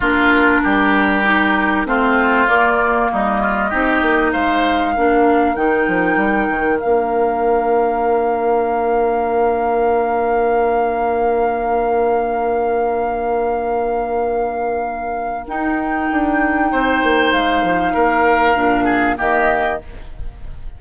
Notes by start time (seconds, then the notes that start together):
0.00 A#3 D4 F4 A#4
0.63 G3 G4
1.24 D#4
1.85 A3 C4 F4 C5
2.47 A#3 D5
3.12 G3 D#4 D#5
3.40 F4
3.69 C4 D#4 G4
4.02 A#3
4.32 G#3 C5 F5
4.94 A#3 D4 A#4
5.55 D#3 D#4 G5
5.87 F3
6.16 G3
6.49 D#3
6.79 A#3 D4 F5
15.47 D#4 G5
16.11 D4
16.71 C4 C5
17.03 A#3
17.32 G#3 F5
17.62 F3
17.93 A#3 A#4
18.55 A#2 D4
18.84 G#4
19.16 D#3 A#3 G4 D#5